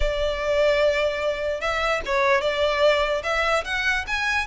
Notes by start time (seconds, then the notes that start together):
0.00 D5
1.60 E5
2.05 C#5
2.41 D5
3.23 E5
3.64 F#5
4.07 G#5